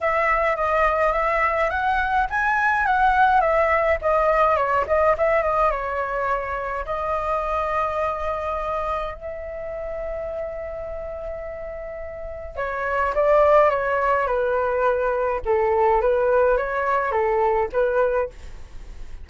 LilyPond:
\new Staff \with { instrumentName = "flute" } { \time 4/4 \tempo 4 = 105 e''4 dis''4 e''4 fis''4 | gis''4 fis''4 e''4 dis''4 | cis''8 dis''8 e''8 dis''8 cis''2 | dis''1 |
e''1~ | e''2 cis''4 d''4 | cis''4 b'2 a'4 | b'4 cis''4 a'4 b'4 | }